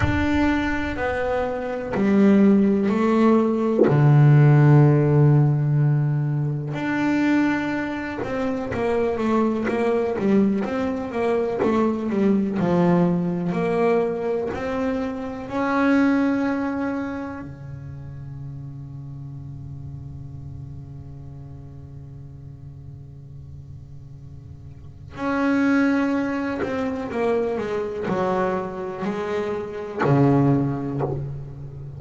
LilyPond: \new Staff \with { instrumentName = "double bass" } { \time 4/4 \tempo 4 = 62 d'4 b4 g4 a4 | d2. d'4~ | d'8 c'8 ais8 a8 ais8 g8 c'8 ais8 | a8 g8 f4 ais4 c'4 |
cis'2 cis2~ | cis1~ | cis2 cis'4. c'8 | ais8 gis8 fis4 gis4 cis4 | }